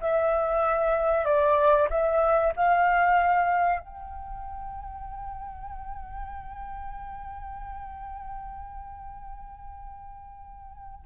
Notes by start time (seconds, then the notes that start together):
0.00 E5
1.25 D5
1.90 E5
2.56 F5
3.80 G5